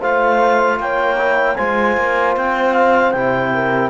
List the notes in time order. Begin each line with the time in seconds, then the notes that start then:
0.00 A3 F4 C5 F5
0.80 A#3 C#5 G5
1.17 E4
1.56 G#3 F4 C5 G#5
1.98 A#3
2.37 C4 G5
2.74 F5
3.12 C3 E4 G5
3.55 A#4